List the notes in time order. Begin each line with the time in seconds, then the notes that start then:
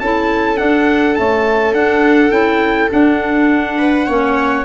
0.00 C#4 E4 A4 A5
0.57 D4 F#5
1.16 A3 C#4 A5
1.74 D4 F#5
2.31 C#4 E4 G5
2.91 D4 F#5
3.78 B4
4.07 A#3 C#4 C#5